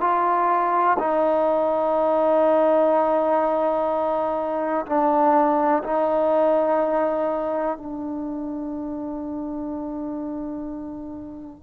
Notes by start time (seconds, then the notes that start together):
0.00 F4
0.99 D#4
4.86 D4
5.83 D#4
7.77 D4